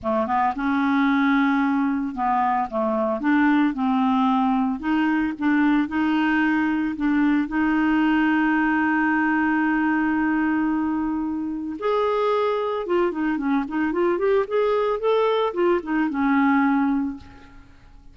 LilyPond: \new Staff \with { instrumentName = "clarinet" } { \time 4/4 \tempo 4 = 112 a8 b8 cis'2. | b4 a4 d'4 c'4~ | c'4 dis'4 d'4 dis'4~ | dis'4 d'4 dis'2~ |
dis'1~ | dis'2 gis'2 | f'8 dis'8 cis'8 dis'8 f'8 g'8 gis'4 | a'4 f'8 dis'8 cis'2 | }